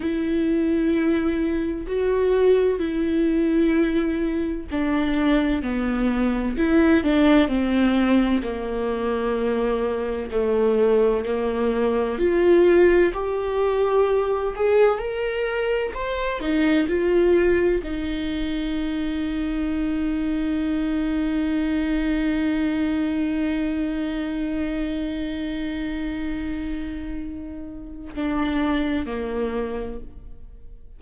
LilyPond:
\new Staff \with { instrumentName = "viola" } { \time 4/4 \tempo 4 = 64 e'2 fis'4 e'4~ | e'4 d'4 b4 e'8 d'8 | c'4 ais2 a4 | ais4 f'4 g'4. gis'8 |
ais'4 c''8 dis'8 f'4 dis'4~ | dis'1~ | dis'1~ | dis'2 d'4 ais4 | }